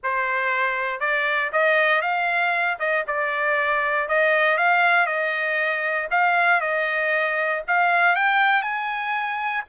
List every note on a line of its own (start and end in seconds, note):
0.03 1.00 C5
1.00 1.50 D5
1.52 2.01 D#5
2.01 2.77 F5
2.79 3.04 D#5
3.07 4.08 D5
4.08 4.57 D#5
4.57 5.06 F5
5.06 6.08 D#5
6.10 6.60 F5
6.60 7.62 D#5
7.67 8.15 F5
8.15 8.62 G5
8.62 9.63 G#5